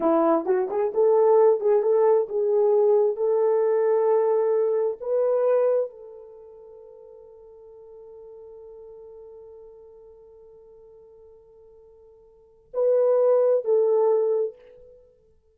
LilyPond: \new Staff \with { instrumentName = "horn" } { \time 4/4 \tempo 4 = 132 e'4 fis'8 gis'8 a'4. gis'8 | a'4 gis'2 a'4~ | a'2. b'4~ | b'4 a'2.~ |
a'1~ | a'1~ | a'1 | b'2 a'2 | }